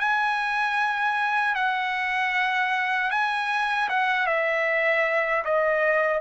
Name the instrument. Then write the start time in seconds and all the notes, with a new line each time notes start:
trumpet
0.00 G#5
1.55 F#5
3.11 G#5
3.89 F#5
4.27 E5
5.45 D#5